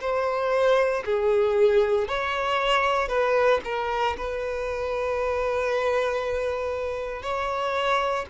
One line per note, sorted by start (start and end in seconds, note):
0.00 1.03 C5
1.05 2.08 G#4
2.08 3.08 C#5
3.08 3.60 B4
3.64 4.16 A#4
4.17 7.22 B4
7.22 8.25 C#5